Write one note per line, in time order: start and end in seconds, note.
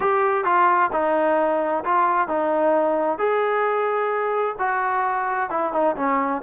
0.00 0.44 G4
0.44 0.90 F4
0.92 1.84 D#4
1.84 2.28 F4
2.28 3.18 D#4
3.18 4.55 G#4
4.58 5.49 F#4
5.49 5.72 E4
5.73 5.95 D#4
5.96 6.41 C#4